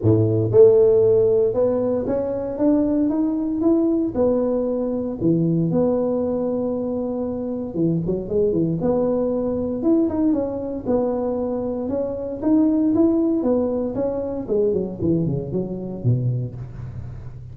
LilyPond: \new Staff \with { instrumentName = "tuba" } { \time 4/4 \tempo 4 = 116 a,4 a2 b4 | cis'4 d'4 dis'4 e'4 | b2 e4 b4~ | b2. e8 fis8 |
gis8 e8 b2 e'8 dis'8 | cis'4 b2 cis'4 | dis'4 e'4 b4 cis'4 | gis8 fis8 e8 cis8 fis4 b,4 | }